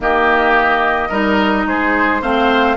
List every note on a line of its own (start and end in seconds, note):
0.00 1.10 D#3
0.00 1.11 A#3
0.00 1.08 G4
0.00 1.67 D#5
1.08 1.65 G3
1.08 2.21 D#4
1.08 1.64 A#4
1.65 2.21 G#3
1.65 2.21 G#4
1.65 2.22 C5
2.21 2.76 A3
2.21 2.76 C4
2.21 2.76 C5
2.21 2.76 F5